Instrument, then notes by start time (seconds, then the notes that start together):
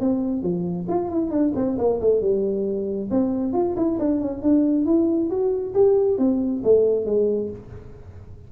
tuba
0.00 C4
0.42 F3
0.88 F4
1.09 E4
1.30 D4
1.55 C4
1.78 A#3
2.01 A3
2.21 G3
3.10 C4
3.53 F4
3.76 E4
3.99 D4
4.21 C#4
4.42 D4
4.85 E4
5.30 F#4
5.74 G4
6.18 C4
6.64 A3
7.05 G#3